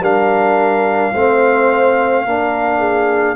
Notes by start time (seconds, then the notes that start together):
0.00 G3 D4 A#4 F5
1.13 A3 C4 C5
2.25 A#3 D4 A#4
2.78 G#4